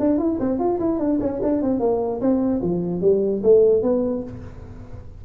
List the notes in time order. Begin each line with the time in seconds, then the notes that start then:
0.00 D4
0.18 E4
0.40 C4
0.59 F4
0.80 E4
0.99 D4
1.21 C#4
1.43 D4
1.62 C4
1.80 A#3
2.21 C4
2.62 F3
3.02 G3
3.44 A3
3.83 B3